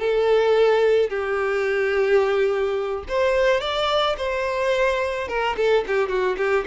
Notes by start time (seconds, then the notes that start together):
0.00 A4
1.10 G4
3.09 C5
3.61 D5
4.18 C5
5.29 A#4
5.57 A4
5.88 G4
6.09 F#4
6.38 G4